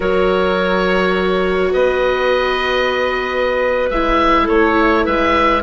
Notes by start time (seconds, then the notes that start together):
0.00 F#3 F#4 A#4 C#5
1.72 B3 B4 D#5
3.89 G#3 E4 E5
4.44 A3 A4 C#5
5.04 G#3 B4 E5